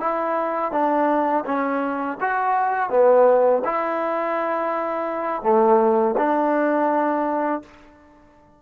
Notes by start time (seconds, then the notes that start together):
0.00 E4
0.72 D4
1.46 C#4
2.21 F#4
2.90 B3
3.65 E4
5.43 A3
6.18 D4